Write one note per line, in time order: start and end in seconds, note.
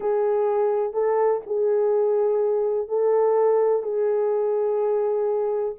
0.00 0.93 G#4
0.93 1.41 A4
1.46 2.88 G#4
2.88 3.82 A4
3.82 5.74 G#4